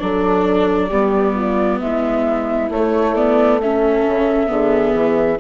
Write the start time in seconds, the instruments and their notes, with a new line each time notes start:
0.00 bassoon F#3, viola D4, horn A4, flute D5
0.89 bassoon G3, viola B3, horn G4
1.35 horn F4
1.80 bassoon G#3, horn E4, flute E5
2.70 bassoon A3, viola A3, flute C#5
3.15 viola B3, flute D5
3.61 viola C#4, horn A4, flute E5
4.07 bassoon C#3
4.47 bassoon D3, viola B3, horn G#4
4.93 bassoon E3